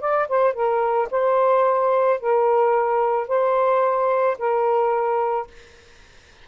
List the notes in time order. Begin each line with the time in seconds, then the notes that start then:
0.00 D5
0.28 C5
0.53 A#4
1.11 C5
2.20 A#4
3.28 C5
4.38 A#4